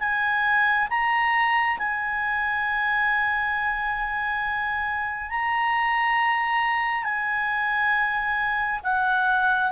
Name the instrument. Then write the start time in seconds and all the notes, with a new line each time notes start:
clarinet
0.00 G#5
0.90 A#5
1.78 G#5
5.30 A#5
7.04 G#5
8.84 F#5